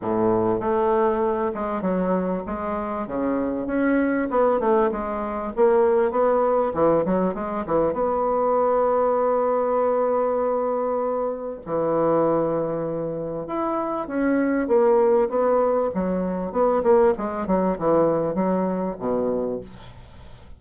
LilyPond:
\new Staff \with { instrumentName = "bassoon" } { \time 4/4 \tempo 4 = 98 a,4 a4. gis8 fis4 | gis4 cis4 cis'4 b8 a8 | gis4 ais4 b4 e8 fis8 | gis8 e8 b2.~ |
b2. e4~ | e2 e'4 cis'4 | ais4 b4 fis4 b8 ais8 | gis8 fis8 e4 fis4 b,4 | }